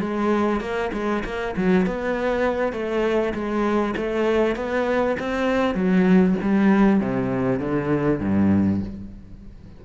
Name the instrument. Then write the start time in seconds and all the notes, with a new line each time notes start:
cello
0.00 G#3
0.61 A#3
0.93 G#3
1.25 A#3
1.57 F#3
1.87 B3
2.73 A3
3.34 G#3
3.97 A3
4.56 B3
5.20 C4
5.75 F#3
6.42 G3
7.00 C3
7.60 D3
8.20 G2